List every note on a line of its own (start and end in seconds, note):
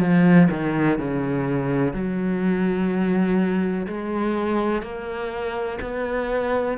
0.00 0.48 F3
0.50 0.99 D#3
0.99 1.94 C#3
1.94 3.87 F#3
3.88 4.83 G#3
4.83 5.79 A#3
5.81 6.78 B3